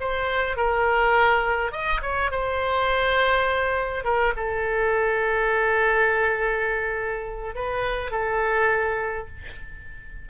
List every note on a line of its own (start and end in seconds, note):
0.00 0.56 C5
0.56 1.71 A#4
1.71 2.00 D#5
2.01 2.30 C#5
2.31 4.04 C5
4.04 4.33 A#4
4.36 7.55 A4
7.55 8.11 B4
8.11 9.27 A4